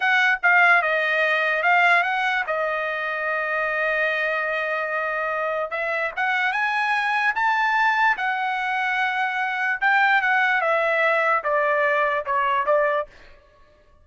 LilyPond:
\new Staff \with { instrumentName = "trumpet" } { \time 4/4 \tempo 4 = 147 fis''4 f''4 dis''2 | f''4 fis''4 dis''2~ | dis''1~ | dis''2 e''4 fis''4 |
gis''2 a''2 | fis''1 | g''4 fis''4 e''2 | d''2 cis''4 d''4 | }